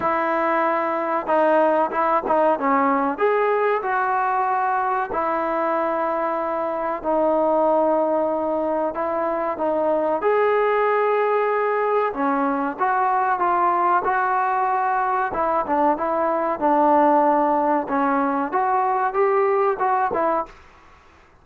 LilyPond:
\new Staff \with { instrumentName = "trombone" } { \time 4/4 \tempo 4 = 94 e'2 dis'4 e'8 dis'8 | cis'4 gis'4 fis'2 | e'2. dis'4~ | dis'2 e'4 dis'4 |
gis'2. cis'4 | fis'4 f'4 fis'2 | e'8 d'8 e'4 d'2 | cis'4 fis'4 g'4 fis'8 e'8 | }